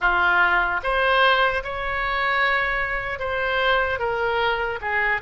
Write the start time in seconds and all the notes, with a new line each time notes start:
0.00 F4
0.83 C5
1.63 C#5
3.19 C5
3.99 A#4
4.81 G#4